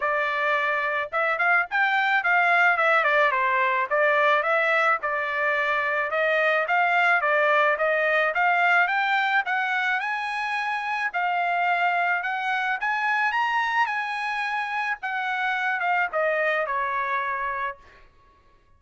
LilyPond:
\new Staff \with { instrumentName = "trumpet" } { \time 4/4 \tempo 4 = 108 d''2 e''8 f''8 g''4 | f''4 e''8 d''8 c''4 d''4 | e''4 d''2 dis''4 | f''4 d''4 dis''4 f''4 |
g''4 fis''4 gis''2 | f''2 fis''4 gis''4 | ais''4 gis''2 fis''4~ | fis''8 f''8 dis''4 cis''2 | }